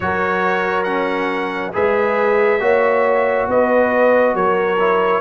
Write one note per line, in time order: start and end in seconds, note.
0.00 1.74 F#3
0.00 0.85 F#4
0.00 1.73 A#4
0.00 0.83 C#5
0.83 1.72 C#4
0.83 1.70 F#5
1.72 2.59 G#3
1.72 2.59 G#4
1.72 2.60 B4
1.72 3.49 E5
2.59 3.46 A#3
2.59 4.77 F#4
2.59 3.48 C#5
3.47 4.34 B3
3.47 4.35 B4
3.47 4.35 D#5
4.34 5.20 F#3
4.34 5.20 A#4
4.34 5.20 C#5
4.79 5.20 E4